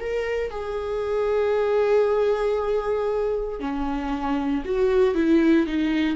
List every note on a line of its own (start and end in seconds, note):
0.00 0.51 A#4
0.51 3.60 G#4
3.60 4.63 C#4
4.66 5.15 F#4
5.15 5.67 E4
5.67 6.16 D#4